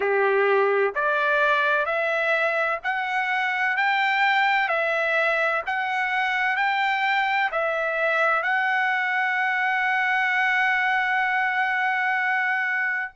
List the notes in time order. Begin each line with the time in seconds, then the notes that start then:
0.00 G4
0.95 D5
1.85 E5
2.83 F#5
3.77 G5
4.68 E5
5.66 F#5
6.56 G5
7.51 E5
8.42 F#5